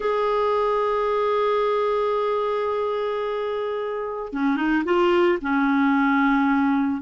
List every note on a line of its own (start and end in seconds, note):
0.00 4.32 G#4
4.32 4.56 C#4
4.56 4.83 D#4
4.84 5.38 F4
5.41 7.01 C#4